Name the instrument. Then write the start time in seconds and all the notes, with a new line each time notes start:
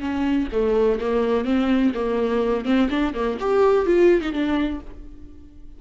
viola
0.00 C#4
0.52 A3
1.00 A#3
1.45 C4
1.94 A#3
2.65 C4
2.90 D4
3.14 A#3
3.40 G4
3.86 F4
4.21 D#4
4.32 D4